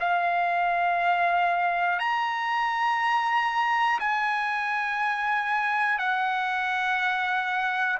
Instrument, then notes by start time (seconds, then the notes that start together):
trumpet
0.00 F5
1.99 A#5
3.99 G#5
5.98 F#5